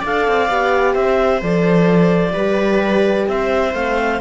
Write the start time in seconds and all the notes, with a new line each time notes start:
0.00 D4 A4 D5 F5
0.28 C4
0.49 B3 G4
0.94 C4 C5 E5
1.41 F3 A4 D5
2.31 G3 G4 B4
3.28 C4 C5 E5
3.74 A3 C4 F5